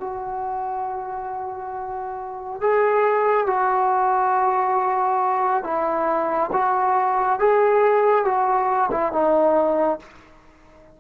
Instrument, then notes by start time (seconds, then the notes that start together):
trombone
0.00 F#4
2.61 G#4
3.47 F#4
5.64 E4
6.53 F#4
7.39 G#4
8.25 F#4
8.91 E4
9.12 D#4